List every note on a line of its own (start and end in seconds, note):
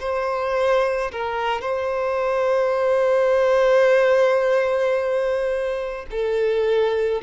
0.00 1.11 C5
1.12 1.61 A#4
1.61 6.06 C5
6.11 7.22 A4